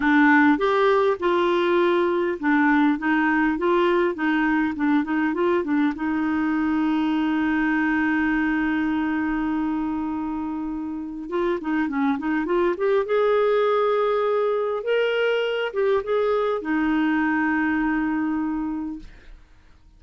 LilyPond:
\new Staff \with { instrumentName = "clarinet" } { \time 4/4 \tempo 4 = 101 d'4 g'4 f'2 | d'4 dis'4 f'4 dis'4 | d'8 dis'8 f'8 d'8 dis'2~ | dis'1~ |
dis'2. f'8 dis'8 | cis'8 dis'8 f'8 g'8 gis'2~ | gis'4 ais'4. g'8 gis'4 | dis'1 | }